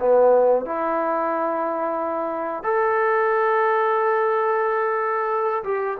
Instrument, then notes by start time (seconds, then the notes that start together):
trombone
0.00 B3
0.66 E4
2.64 A4
5.64 G4